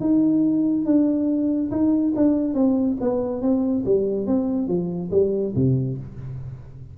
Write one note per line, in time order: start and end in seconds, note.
0.00 0.85 D#4
0.85 1.70 D4
1.71 2.13 D#4
2.16 2.54 D4
2.54 2.97 C4
3.01 3.42 B3
3.42 3.84 C4
3.85 4.27 G3
4.27 4.68 C4
4.68 5.10 F3
5.11 5.53 G3
5.55 5.98 C3